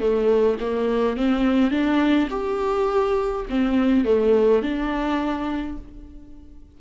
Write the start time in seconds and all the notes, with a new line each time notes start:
0.00 A3
0.60 A#3
1.17 C4
1.71 D4
2.30 G4
3.50 C4
4.05 A3
4.62 D4